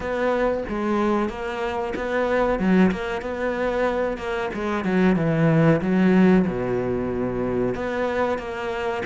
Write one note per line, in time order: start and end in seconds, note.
0.00 0.63 B3
0.68 1.29 G#3
1.29 1.93 A#3
1.95 2.59 B3
2.59 2.91 F#3
2.91 3.21 A#3
3.21 4.17 B3
4.17 4.50 A#3
4.54 4.84 G#3
4.84 5.16 F#3
5.16 5.80 E3
5.81 6.45 F#3
6.47 7.74 B2
7.74 8.38 B3
8.38 9.02 A#3